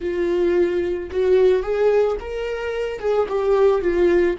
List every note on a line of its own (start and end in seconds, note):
0.00 1.09 F4
1.10 1.62 F#4
1.62 2.17 G#4
2.20 2.99 A#4
2.99 3.26 G#4
3.29 3.81 G4
3.81 4.36 F4